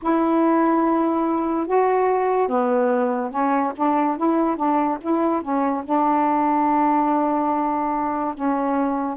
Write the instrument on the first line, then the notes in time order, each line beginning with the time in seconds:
saxophone
0.02 E4
1.67 F#4
2.48 B3
3.30 C#4
3.76 D4
4.17 E4
4.56 D4
5.00 E4
5.42 C#4
5.84 D4
8.34 C#4